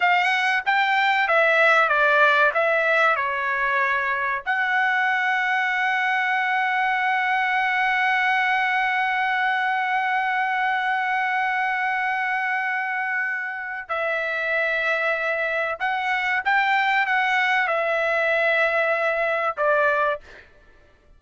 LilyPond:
\new Staff \with { instrumentName = "trumpet" } { \time 4/4 \tempo 4 = 95 fis''4 g''4 e''4 d''4 | e''4 cis''2 fis''4~ | fis''1~ | fis''1~ |
fis''1~ | fis''2 e''2~ | e''4 fis''4 g''4 fis''4 | e''2. d''4 | }